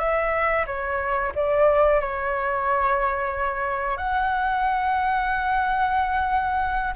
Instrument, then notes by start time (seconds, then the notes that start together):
flute
0.00 E5
0.67 C#5
1.36 D5
2.01 C#5
3.98 F#5